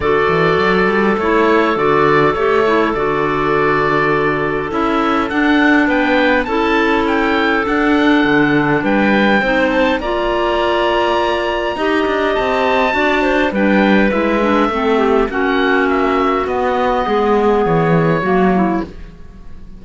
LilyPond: <<
  \new Staff \with { instrumentName = "oboe" } { \time 4/4 \tempo 4 = 102 d''2 cis''4 d''4 | cis''4 d''2. | e''4 fis''4 g''4 a''4 | g''4 fis''2 g''4~ |
g''8 a''8 ais''2.~ | ais''4 a''2 g''4 | e''2 fis''4 e''4 | dis''2 cis''2 | }
  \new Staff \with { instrumentName = "clarinet" } { \time 4/4 a'1~ | a'1~ | a'2 b'4 a'4~ | a'2. b'4 |
c''4 d''2. | dis''2 d''8 c''8 b'4~ | b'4 a'8 g'8 fis'2~ | fis'4 gis'2 fis'8 e'8 | }
  \new Staff \with { instrumentName = "clarinet" } { \time 4/4 fis'2 e'4 fis'4 | g'8 e'8 fis'2. | e'4 d'2 e'4~ | e'4 d'2. |
dis'4 f'2. | g'2 fis'4 d'4 | e'8 d'8 c'4 cis'2 | b2. ais4 | }
  \new Staff \with { instrumentName = "cello" } { \time 4/4 d8 e8 fis8 g8 a4 d4 | a4 d2. | cis'4 d'4 b4 cis'4~ | cis'4 d'4 d4 g4 |
c'4 ais2. | dis'8 d'8 c'4 d'4 g4 | gis4 a4 ais2 | b4 gis4 e4 fis4 | }
>>